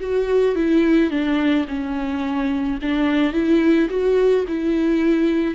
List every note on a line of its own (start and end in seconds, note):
0.00 0.55 F#4
0.55 1.10 E4
1.10 1.66 D4
1.68 2.79 C#4
2.82 3.33 D4
3.33 3.88 E4
3.89 4.45 F#4
4.47 5.55 E4